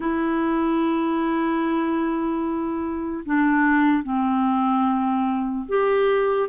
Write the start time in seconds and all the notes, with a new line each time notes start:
0.00 E4
3.25 D4
4.03 C4
5.68 G4